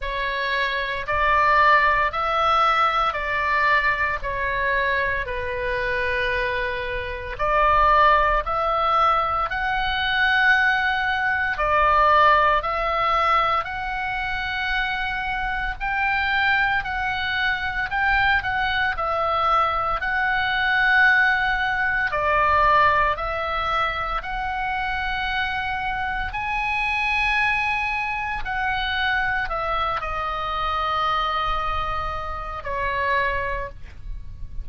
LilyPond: \new Staff \with { instrumentName = "oboe" } { \time 4/4 \tempo 4 = 57 cis''4 d''4 e''4 d''4 | cis''4 b'2 d''4 | e''4 fis''2 d''4 | e''4 fis''2 g''4 |
fis''4 g''8 fis''8 e''4 fis''4~ | fis''4 d''4 e''4 fis''4~ | fis''4 gis''2 fis''4 | e''8 dis''2~ dis''8 cis''4 | }